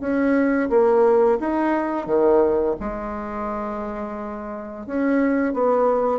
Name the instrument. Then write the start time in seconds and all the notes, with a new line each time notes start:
bassoon
0.00 C#4
0.69 A#3
1.40 D#4
2.06 D#3
2.80 G#3
4.87 C#4
5.53 B3